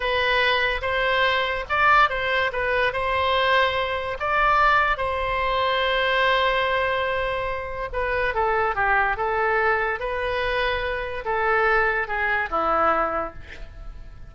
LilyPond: \new Staff \with { instrumentName = "oboe" } { \time 4/4 \tempo 4 = 144 b'2 c''2 | d''4 c''4 b'4 c''4~ | c''2 d''2 | c''1~ |
c''2. b'4 | a'4 g'4 a'2 | b'2. a'4~ | a'4 gis'4 e'2 | }